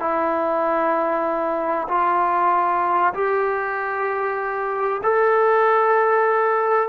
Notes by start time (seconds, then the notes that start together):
0.00 E4
1.89 F4
3.14 G4
5.03 A4